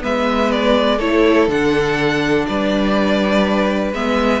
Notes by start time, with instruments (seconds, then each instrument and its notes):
0.00 cello G#3, viola B3, violin B4 E5
0.51 violin D5
0.97 cello A3, viola E4, violin A4 C#5
1.47 cello D3, viola D4, violin F#5
2.45 cello G3, violin B4 D5
3.92 cello G#3, viola B3, violin E5